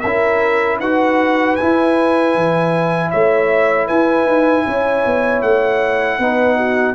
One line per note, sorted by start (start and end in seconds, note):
0.00 0.79 C#4
0.00 0.78 A#4
0.00 0.77 E5
0.07 0.82 E4
0.79 1.56 D#4
0.79 1.59 F#4
0.79 3.10 B4
0.79 1.56 F#5
1.56 6.21 E4
1.56 3.10 G#5
1.62 2.35 E4
2.35 3.12 E3
3.10 3.90 A3
3.10 3.87 C#5
3.10 3.87 E5
3.87 4.26 E4
3.87 4.64 B4
3.87 5.42 G#5
4.26 4.64 D#4
4.66 5.05 C#4
4.66 6.19 C#5
5.05 5.42 B3
5.42 6.18 A3
5.42 6.95 F#5
6.18 6.95 B3
6.18 6.95 D#4
6.18 6.57 B4
6.57 6.95 F#4